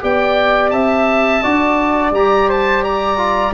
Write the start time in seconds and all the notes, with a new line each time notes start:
0.00 B3 G4 D5 G5
0.70 C4 E5 A5
1.43 D4 F#4 D5
2.11 G3 G4 A#5
2.49 C5 A5
2.83 D5 A#5
3.17 F4